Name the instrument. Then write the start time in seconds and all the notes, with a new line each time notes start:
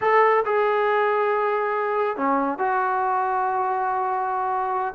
trombone
0.01 A4
0.45 G#4
2.16 C#4
2.58 F#4